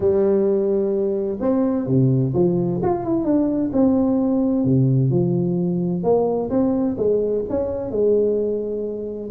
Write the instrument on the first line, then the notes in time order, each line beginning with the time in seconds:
tuba
0.00 G3
1.40 C4
1.86 C3
2.34 F3
2.82 F4
3.04 E4
3.24 D4
3.72 C4
4.64 C3
5.10 F3
6.03 A#3
6.49 C4
6.97 G#3
7.49 C#4
7.90 G#3